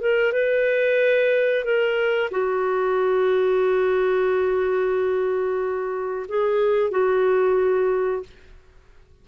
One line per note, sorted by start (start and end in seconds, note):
0.00 0.32 A#4
0.32 1.64 B4
1.64 2.30 A#4
2.31 6.26 F#4
6.28 6.91 G#4
6.91 8.23 F#4